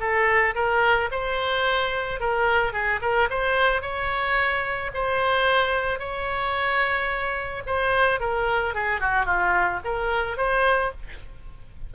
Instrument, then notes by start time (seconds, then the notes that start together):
oboe
0.00 A4
0.55 A#4
1.11 C5
2.20 A#4
2.73 G#4
3.01 A#4
3.30 C5
3.82 C#5
4.94 C5
5.99 C#5
7.66 C5
8.20 A#4
8.74 G#4
9.00 F#4
9.26 F4
9.84 A#4
10.37 C5